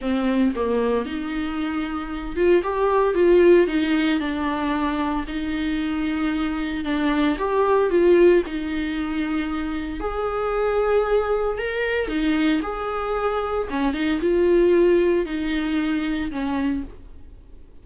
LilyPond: \new Staff \with { instrumentName = "viola" } { \time 4/4 \tempo 4 = 114 c'4 ais4 dis'2~ | dis'8 f'8 g'4 f'4 dis'4 | d'2 dis'2~ | dis'4 d'4 g'4 f'4 |
dis'2. gis'4~ | gis'2 ais'4 dis'4 | gis'2 cis'8 dis'8 f'4~ | f'4 dis'2 cis'4 | }